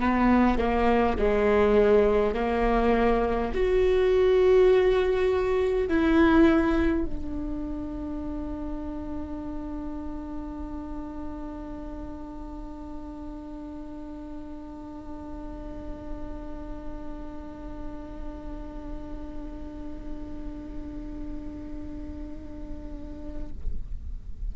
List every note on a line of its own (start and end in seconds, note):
0.00 0.58 B3
0.58 1.17 A#3
1.18 2.34 G#3
2.34 3.52 A#3
3.54 5.88 F#4
5.88 7.05 E4
7.05 23.52 D4